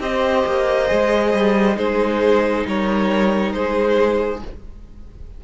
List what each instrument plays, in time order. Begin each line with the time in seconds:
0.00 cello C4, viola G4, violin C5 D#5
0.47 cello A#3
0.88 cello G#3, viola G#4
1.34 cello G3
1.76 cello G#3, viola D#4, violin G#4 C5
2.66 cello G3, violin A#4 C#5
3.53 cello G#3, violin G#4 C5